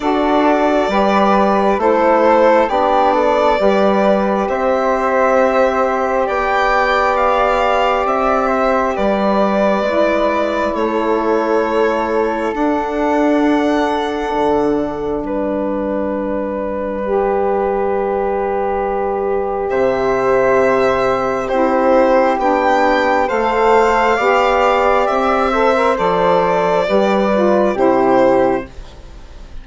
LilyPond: <<
  \new Staff \with { instrumentName = "violin" } { \time 4/4 \tempo 4 = 67 d''2 c''4 d''4~ | d''4 e''2 g''4 | f''4 e''4 d''2 | cis''2 fis''2~ |
fis''4 d''2.~ | d''2 e''2 | c''4 g''4 f''2 | e''4 d''2 c''4 | }
  \new Staff \with { instrumentName = "flute" } { \time 4/4 a'4 b'4 a'4 g'8 a'8 | b'4 c''2 d''4~ | d''4. c''8 b'2 | a'1~ |
a'4 b'2.~ | b'2 c''2 | g'2 c''4 d''4~ | d''8 c''4. b'4 g'4 | }
  \new Staff \with { instrumentName = "saxophone" } { \time 4/4 fis'4 g'4 e'4 d'4 | g'1~ | g'2. e'4~ | e'2 d'2~ |
d'2. g'4~ | g'1 | e'4 d'4 a'4 g'4~ | g'8 a'16 ais'16 a'4 g'8 f'8 e'4 | }
  \new Staff \with { instrumentName = "bassoon" } { \time 4/4 d'4 g4 a4 b4 | g4 c'2 b4~ | b4 c'4 g4 gis4 | a2 d'2 |
d4 g2.~ | g2 c2 | c'4 b4 a4 b4 | c'4 f4 g4 c4 | }
>>